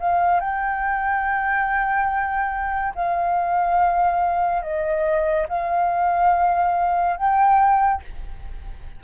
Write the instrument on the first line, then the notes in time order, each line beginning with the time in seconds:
flute
0.00 F5
0.40 G5
2.95 F5
4.62 D#5
5.49 F5
7.17 G5